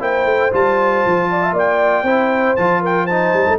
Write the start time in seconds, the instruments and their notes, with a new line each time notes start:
0.00 tuba A#3, trombone E4, horn C5, trumpet G5
0.25 tuba A3
0.52 tuba G3, trombone F4, trumpet A5
1.06 tuba F3
1.31 horn D5
1.43 horn E5
1.53 tuba A#3, horn D5, trumpet G5
2.03 tuba C4, trombone E4, horn C5
2.56 tuba F3, trombone F4, trumpet A5
2.81 horn A#4, trumpet G5
3.04 trombone D#4, horn C5, trumpet A5
3.34 tuba G3
3.48 tuba A3